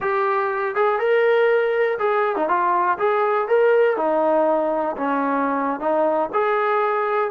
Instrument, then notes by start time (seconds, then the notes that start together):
trombone
0.00 G4
0.75 G#4
0.99 A#4
1.98 G#4
2.36 D#4
2.48 F4
2.98 G#4
3.48 A#4
3.97 D#4
4.96 C#4
5.80 D#4
6.33 G#4